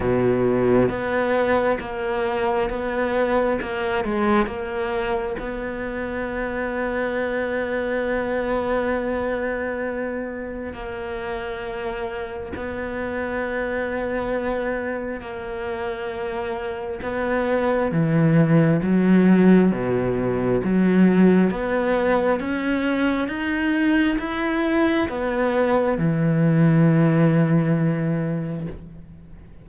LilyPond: \new Staff \with { instrumentName = "cello" } { \time 4/4 \tempo 4 = 67 b,4 b4 ais4 b4 | ais8 gis8 ais4 b2~ | b1 | ais2 b2~ |
b4 ais2 b4 | e4 fis4 b,4 fis4 | b4 cis'4 dis'4 e'4 | b4 e2. | }